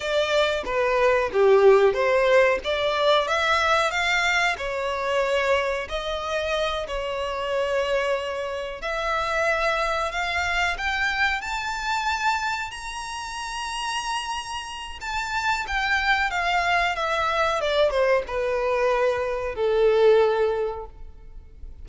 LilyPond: \new Staff \with { instrumentName = "violin" } { \time 4/4 \tempo 4 = 92 d''4 b'4 g'4 c''4 | d''4 e''4 f''4 cis''4~ | cis''4 dis''4. cis''4.~ | cis''4. e''2 f''8~ |
f''8 g''4 a''2 ais''8~ | ais''2. a''4 | g''4 f''4 e''4 d''8 c''8 | b'2 a'2 | }